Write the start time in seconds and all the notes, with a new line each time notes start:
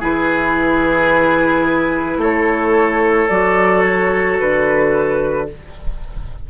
0.00 E3 E4 G#4 B4
2.18 A3 A4 C#5
3.29 F#3 F#4 D5
3.85 C#5
4.40 D3 B4